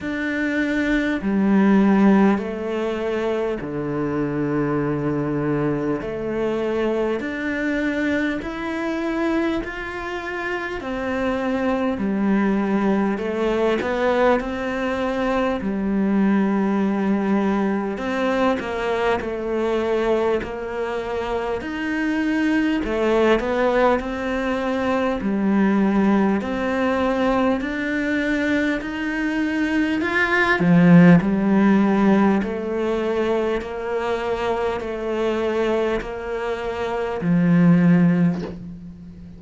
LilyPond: \new Staff \with { instrumentName = "cello" } { \time 4/4 \tempo 4 = 50 d'4 g4 a4 d4~ | d4 a4 d'4 e'4 | f'4 c'4 g4 a8 b8 | c'4 g2 c'8 ais8 |
a4 ais4 dis'4 a8 b8 | c'4 g4 c'4 d'4 | dis'4 f'8 f8 g4 a4 | ais4 a4 ais4 f4 | }